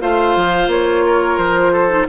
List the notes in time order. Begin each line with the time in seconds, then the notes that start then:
0.00 A3 F4 C5 F5
0.36 F3
0.68 A#3 C#5
1.06 A#4
1.37 F3 C5
1.72 A4
1.90 D#4